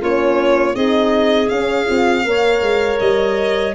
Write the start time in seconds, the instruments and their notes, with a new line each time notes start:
0.00 tuba A#3, horn C#4, clarinet F4, violin C#5
0.73 tuba C4, horn D#4, clarinet G#4, violin D#5
1.48 tuba C#4, horn C#4, violin F5
1.85 tuba C4, horn F4
2.24 tuba A#3, horn A#4, clarinet C#5
2.61 tuba G#3
2.99 tuba G3, violin D#5